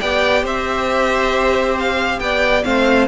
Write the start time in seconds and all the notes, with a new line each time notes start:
0.00 B3 G4 D5 G5
0.43 C4 C5 E5
1.80 F5
2.20 B3 D5 G5
2.64 A3 C4 C5 F5